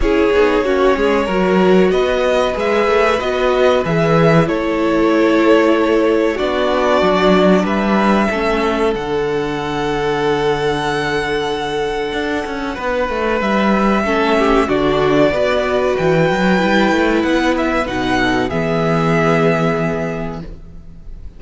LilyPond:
<<
  \new Staff \with { instrumentName = "violin" } { \time 4/4 \tempo 4 = 94 cis''2. dis''4 | e''4 dis''4 e''4 cis''4~ | cis''2 d''2 | e''2 fis''2~ |
fis''1~ | fis''4 e''2 d''4~ | d''4 g''2 fis''8 e''8 | fis''4 e''2. | }
  \new Staff \with { instrumentName = "violin" } { \time 4/4 gis'4 fis'8 gis'8 ais'4 b'4~ | b'2. a'4~ | a'2 fis'2 | b'4 a'2.~ |
a'1 | b'2 a'8 g'8 fis'4 | b'1~ | b'8 a'8 gis'2. | }
  \new Staff \with { instrumentName = "viola" } { \time 4/4 e'8 dis'8 cis'4 fis'2 | gis'4 fis'4 gis'4 e'4~ | e'2 d'2~ | d'4 cis'4 d'2~ |
d'1~ | d'2 cis'4 d'4 | fis'2 e'2 | dis'4 b2. | }
  \new Staff \with { instrumentName = "cello" } { \time 4/4 cis'8 b8 ais8 gis8 fis4 b4 | gis8 a8 b4 e4 a4~ | a2 b4 fis4 | g4 a4 d2~ |
d2. d'8 cis'8 | b8 a8 g4 a4 d4 | b4 e8 fis8 g8 a8 b4 | b,4 e2. | }
>>